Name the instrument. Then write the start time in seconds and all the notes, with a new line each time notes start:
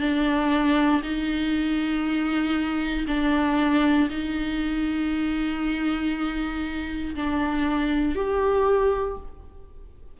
viola
0.00 D4
1.03 D#4
3.07 D4
4.10 D#4
7.16 D4
8.15 G4